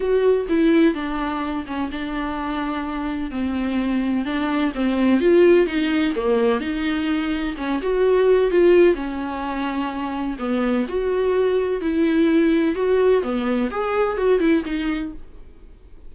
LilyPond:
\new Staff \with { instrumentName = "viola" } { \time 4/4 \tempo 4 = 127 fis'4 e'4 d'4. cis'8 | d'2. c'4~ | c'4 d'4 c'4 f'4 | dis'4 ais4 dis'2 |
cis'8 fis'4. f'4 cis'4~ | cis'2 b4 fis'4~ | fis'4 e'2 fis'4 | b4 gis'4 fis'8 e'8 dis'4 | }